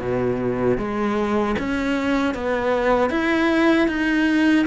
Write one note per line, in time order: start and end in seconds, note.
0.00 0.78 B2
0.78 1.55 G#3
1.59 2.34 C#4
2.34 3.10 B3
3.10 3.88 E4
3.88 4.66 D#4